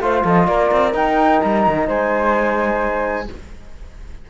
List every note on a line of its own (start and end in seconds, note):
0.00 0.23 A3
0.00 0.92 F4
0.00 0.24 C5
0.00 0.24 F5
0.24 0.48 F3
0.24 0.47 A4
0.24 0.46 D#5
0.46 0.71 A#3
0.46 1.87 A#4
0.46 0.93 D5
0.71 0.94 C4
0.92 3.27 D#4
0.92 1.41 D#4
0.92 1.41 G5
1.41 1.67 G3
1.41 1.88 A#5
1.67 1.88 D#3
1.87 3.28 G#3
1.87 3.28 C5
1.87 3.30 G#5